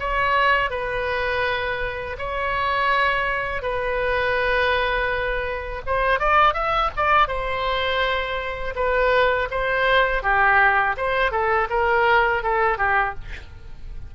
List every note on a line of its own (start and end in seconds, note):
0.00 0.71 C#5
0.71 2.17 B4
2.19 3.62 C#5
3.62 5.82 B4
5.87 6.20 C5
6.20 6.54 D5
6.54 6.90 E5
6.97 7.28 D5
7.28 8.74 C5
8.76 9.49 B4
9.51 10.23 C5
10.23 10.96 G4
10.97 11.31 C5
11.31 11.68 A4
11.70 12.43 A#4
12.43 12.78 A4
12.78 13.15 G4